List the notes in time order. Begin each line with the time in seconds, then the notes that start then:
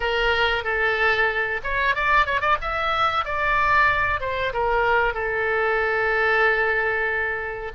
0.00 A#4
0.64 A4
1.63 C#5
1.95 D5
2.26 C#5
2.40 D5
2.61 E5
3.25 D5
4.20 C5
4.53 A#4
5.13 A4